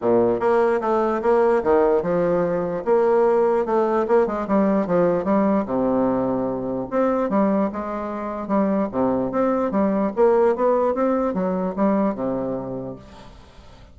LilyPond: \new Staff \with { instrumentName = "bassoon" } { \time 4/4 \tempo 4 = 148 ais,4 ais4 a4 ais4 | dis4 f2 ais4~ | ais4 a4 ais8 gis8 g4 | f4 g4 c2~ |
c4 c'4 g4 gis4~ | gis4 g4 c4 c'4 | g4 ais4 b4 c'4 | fis4 g4 c2 | }